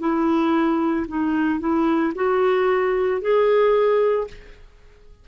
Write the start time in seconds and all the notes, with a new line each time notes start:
0.00 E4
1.08 D#4
1.60 E4
2.15 F#4
3.21 G#4